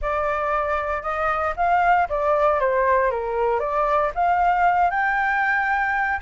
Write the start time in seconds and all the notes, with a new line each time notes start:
0.01 D5
1.02 D#5
1.56 F5
2.09 D5
2.60 C5
3.10 A#4
3.59 D5
4.14 F5
4.90 G5